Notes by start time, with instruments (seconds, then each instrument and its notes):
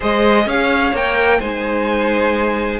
0.00 cello G#3, viola G#4, violin C5 D#5
0.46 cello C#4, violin C#5 F5
0.92 cello A#3, viola A#4, violin G5
1.38 cello G#3, viola D#4, violin C5 G#5